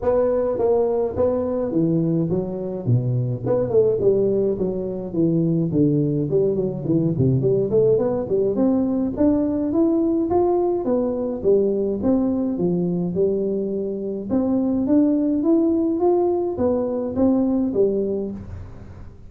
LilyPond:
\new Staff \with { instrumentName = "tuba" } { \time 4/4 \tempo 4 = 105 b4 ais4 b4 e4 | fis4 b,4 b8 a8 g4 | fis4 e4 d4 g8 fis8 | e8 c8 g8 a8 b8 g8 c'4 |
d'4 e'4 f'4 b4 | g4 c'4 f4 g4~ | g4 c'4 d'4 e'4 | f'4 b4 c'4 g4 | }